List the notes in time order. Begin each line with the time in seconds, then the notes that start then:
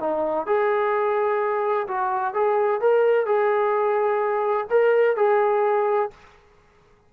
0.00 D#4
0.46 G#4
1.87 F#4
2.34 G#4
2.81 A#4
3.26 G#4
4.70 A#4
5.16 G#4